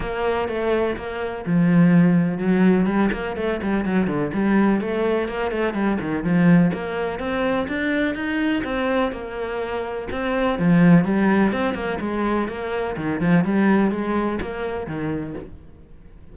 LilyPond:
\new Staff \with { instrumentName = "cello" } { \time 4/4 \tempo 4 = 125 ais4 a4 ais4 f4~ | f4 fis4 g8 ais8 a8 g8 | fis8 d8 g4 a4 ais8 a8 | g8 dis8 f4 ais4 c'4 |
d'4 dis'4 c'4 ais4~ | ais4 c'4 f4 g4 | c'8 ais8 gis4 ais4 dis8 f8 | g4 gis4 ais4 dis4 | }